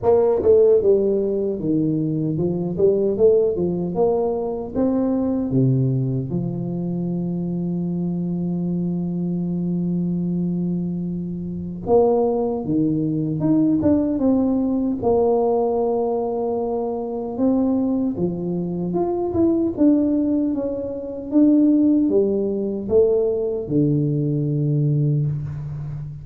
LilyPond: \new Staff \with { instrumentName = "tuba" } { \time 4/4 \tempo 4 = 76 ais8 a8 g4 dis4 f8 g8 | a8 f8 ais4 c'4 c4 | f1~ | f2. ais4 |
dis4 dis'8 d'8 c'4 ais4~ | ais2 c'4 f4 | f'8 e'8 d'4 cis'4 d'4 | g4 a4 d2 | }